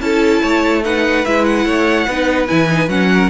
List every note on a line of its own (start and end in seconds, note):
0.00 0.41 C#4
0.00 0.83 E4
0.00 0.42 A4
0.00 0.83 A5
0.42 1.25 A3
0.42 0.83 C#5
0.83 1.24 D#4
0.83 1.65 B4
0.83 1.25 F#5
1.25 1.65 G#3
1.25 2.08 E4
1.25 1.44 E5
1.44 2.47 F#5
1.65 2.06 A3
1.65 2.06 C#5
2.06 2.48 B3
2.06 2.47 D#4
2.06 3.09 B4
2.47 2.88 E3
2.47 2.67 E4
2.47 2.88 G#5
2.68 2.89 D#4
2.88 3.29 F#3
2.88 3.30 C#4
2.88 3.30 F#5
3.13 3.30 A#4